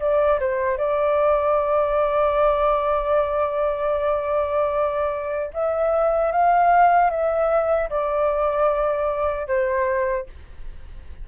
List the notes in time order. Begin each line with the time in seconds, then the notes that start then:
0.00 D5
0.40 C5
0.78 D5
5.54 E5
6.32 F5
7.11 E5
7.90 D5
9.48 C5